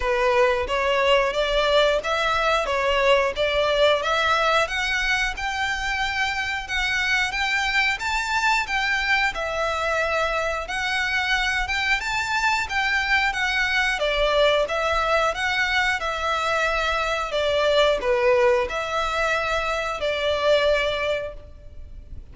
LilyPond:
\new Staff \with { instrumentName = "violin" } { \time 4/4 \tempo 4 = 90 b'4 cis''4 d''4 e''4 | cis''4 d''4 e''4 fis''4 | g''2 fis''4 g''4 | a''4 g''4 e''2 |
fis''4. g''8 a''4 g''4 | fis''4 d''4 e''4 fis''4 | e''2 d''4 b'4 | e''2 d''2 | }